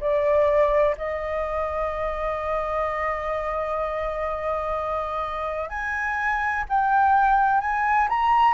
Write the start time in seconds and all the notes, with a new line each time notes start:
0.00 D5
0.97 D#5
5.69 G#5
6.69 G5
7.61 G#5
8.09 A#5